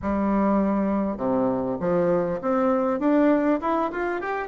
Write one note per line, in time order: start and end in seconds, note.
0.02 1.17 G3
1.17 1.77 C3
1.80 2.40 F3
2.41 2.99 C4
2.99 3.59 D4
3.61 3.91 E4
3.91 4.20 F4
4.20 4.48 G4